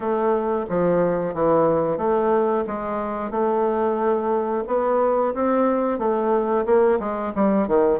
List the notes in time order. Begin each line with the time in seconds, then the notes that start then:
0.00 A3
0.69 F3
1.33 E3
1.97 A3
2.66 G#3
3.30 A3
4.67 B3
5.34 C4
5.98 A3
6.65 A#3
6.99 G#3
7.35 G3
7.67 D#3